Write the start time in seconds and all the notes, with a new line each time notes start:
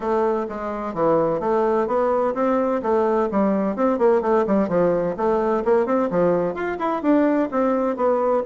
0.00 A3
0.48 G#3
0.94 E3
1.40 A3
1.87 B3
2.34 C4
2.82 A3
3.31 G3
3.76 C4
3.98 A#3
4.21 A3
4.46 G3
4.68 F3
5.16 A3
5.64 A#3
5.86 C4
6.10 F3
6.54 F4
6.78 E4
7.02 D4
7.51 C4
7.96 B3